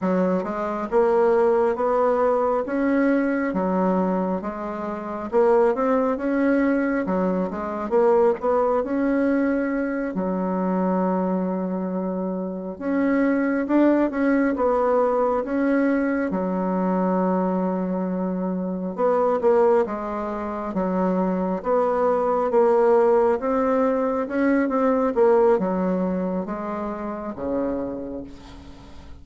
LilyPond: \new Staff \with { instrumentName = "bassoon" } { \time 4/4 \tempo 4 = 68 fis8 gis8 ais4 b4 cis'4 | fis4 gis4 ais8 c'8 cis'4 | fis8 gis8 ais8 b8 cis'4. fis8~ | fis2~ fis8 cis'4 d'8 |
cis'8 b4 cis'4 fis4.~ | fis4. b8 ais8 gis4 fis8~ | fis8 b4 ais4 c'4 cis'8 | c'8 ais8 fis4 gis4 cis4 | }